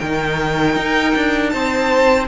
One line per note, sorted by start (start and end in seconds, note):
0.00 0.77 D#3
0.00 2.28 D#4
0.00 1.52 A#4
0.00 1.49 G5
0.77 1.15 D#4
1.16 1.54 D4
1.49 2.28 C4
1.49 2.28 C5
1.49 2.25 A5